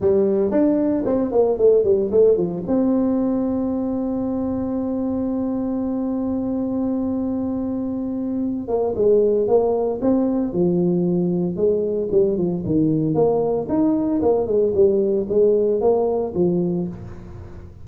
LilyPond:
\new Staff \with { instrumentName = "tuba" } { \time 4/4 \tempo 4 = 114 g4 d'4 c'8 ais8 a8 g8 | a8 f8 c'2.~ | c'1~ | c'1~ |
c'8 ais8 gis4 ais4 c'4 | f2 gis4 g8 f8 | dis4 ais4 dis'4 ais8 gis8 | g4 gis4 ais4 f4 | }